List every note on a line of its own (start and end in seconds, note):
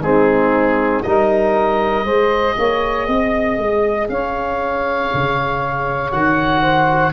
0.00 1.02 G#3
0.00 1.04 C4
0.00 1.06 D#4
0.00 1.03 G#4
1.03 2.05 G3
1.03 2.05 D#4
1.03 2.04 A#4
1.03 4.08 D#5
2.04 2.56 G#3
2.04 6.11 G#4
2.04 2.55 C5
2.57 3.07 A#3
2.57 3.07 C#5
3.07 3.57 C4
3.07 4.08 D#5
3.57 4.08 G#3
4.08 5.10 C#4
4.08 6.61 C#5
4.08 6.11 F5
5.14 6.13 C#3
6.11 7.12 D#3
6.11 7.12 F#4
6.11 7.12 F#5
6.61 7.11 C5